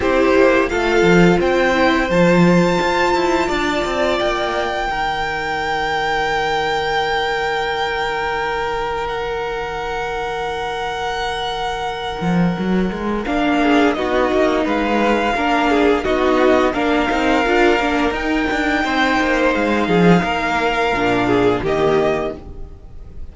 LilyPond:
<<
  \new Staff \with { instrumentName = "violin" } { \time 4/4 \tempo 4 = 86 c''4 f''4 g''4 a''4~ | a''2 g''2~ | g''1~ | g''4 fis''2.~ |
fis''2. f''4 | dis''4 f''2 dis''4 | f''2 g''2 | f''2. dis''4 | }
  \new Staff \with { instrumentName = "violin" } { \time 4/4 g'4 a'4 c''2~ | c''4 d''2 ais'4~ | ais'1~ | ais'1~ |
ais'2.~ ais'8 gis'8 | fis'4 b'4 ais'8 gis'8 fis'4 | ais'2. c''4~ | c''8 gis'8 ais'4. gis'8 g'4 | }
  \new Staff \with { instrumentName = "viola" } { \time 4/4 e'4 f'4. e'8 f'4~ | f'2. dis'4~ | dis'1~ | dis'1~ |
dis'2. d'4 | dis'2 d'4 dis'4 | d'8 dis'8 f'8 d'8 dis'2~ | dis'2 d'4 ais4 | }
  \new Staff \with { instrumentName = "cello" } { \time 4/4 c'8 ais8 a8 f8 c'4 f4 | f'8 e'8 d'8 c'8 ais4 dis4~ | dis1~ | dis1~ |
dis4. f8 fis8 gis8 ais4 | b8 ais8 gis4 ais4 b4 | ais8 c'8 d'8 ais8 dis'8 d'8 c'8 ais8 | gis8 f8 ais4 ais,4 dis4 | }
>>